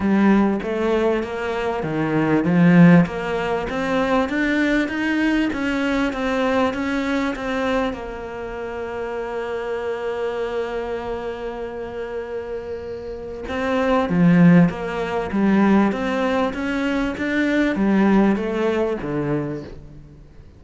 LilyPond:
\new Staff \with { instrumentName = "cello" } { \time 4/4 \tempo 4 = 98 g4 a4 ais4 dis4 | f4 ais4 c'4 d'4 | dis'4 cis'4 c'4 cis'4 | c'4 ais2.~ |
ais1~ | ais2 c'4 f4 | ais4 g4 c'4 cis'4 | d'4 g4 a4 d4 | }